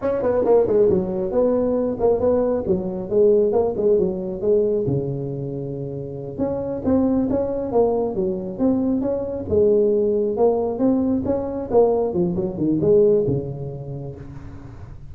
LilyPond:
\new Staff \with { instrumentName = "tuba" } { \time 4/4 \tempo 4 = 136 cis'8 b8 ais8 gis8 fis4 b4~ | b8 ais8 b4 fis4 gis4 | ais8 gis8 fis4 gis4 cis4~ | cis2~ cis8 cis'4 c'8~ |
c'8 cis'4 ais4 fis4 c'8~ | c'8 cis'4 gis2 ais8~ | ais8 c'4 cis'4 ais4 f8 | fis8 dis8 gis4 cis2 | }